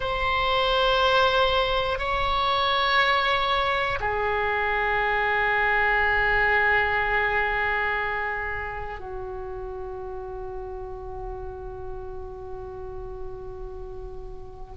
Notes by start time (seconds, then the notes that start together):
0.00 C5
1.98 C#5
4.00 G#4
8.99 F#4